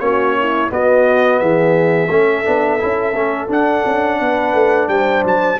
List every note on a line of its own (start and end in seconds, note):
0.00 0.70 A#3
0.00 0.69 C#4
0.00 0.38 F#4
0.00 0.70 C#5
0.39 0.72 E4
0.69 2.08 B3
0.69 1.41 B3
0.69 1.41 F#4
0.69 1.39 D#5
1.39 2.09 E3
1.39 2.10 G#4
1.39 3.48 E5
2.09 2.44 A3
2.09 2.44 C#4
2.09 4.19 A4
2.44 2.82 B3
2.44 2.79 D4
2.79 3.13 C#4
2.79 3.14 E4
3.13 3.48 A3
3.13 3.48 C#4
3.48 5.57 D4
3.48 3.84 D4
3.48 4.88 F#5
3.86 4.20 C#4
4.19 4.53 B3
4.19 4.89 B4
4.53 4.88 A3
4.88 5.23 G3
4.88 5.60 C5
4.88 5.23 G5
5.24 5.59 F#3
5.24 5.60 A5